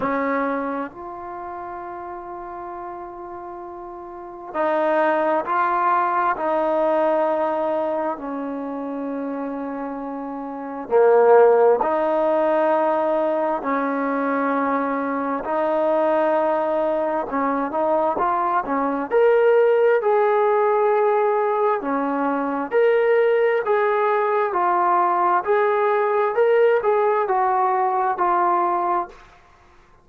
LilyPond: \new Staff \with { instrumentName = "trombone" } { \time 4/4 \tempo 4 = 66 cis'4 f'2.~ | f'4 dis'4 f'4 dis'4~ | dis'4 cis'2. | ais4 dis'2 cis'4~ |
cis'4 dis'2 cis'8 dis'8 | f'8 cis'8 ais'4 gis'2 | cis'4 ais'4 gis'4 f'4 | gis'4 ais'8 gis'8 fis'4 f'4 | }